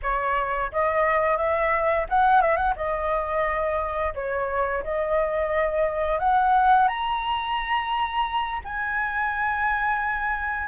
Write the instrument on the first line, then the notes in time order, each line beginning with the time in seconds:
flute
0.02 C#5
0.72 D#5
1.37 E5
2.09 F#5
2.41 E5
2.56 F#5
2.76 D#5
4.14 C#5
4.83 D#5
6.19 F#5
6.88 A#5
8.64 G#5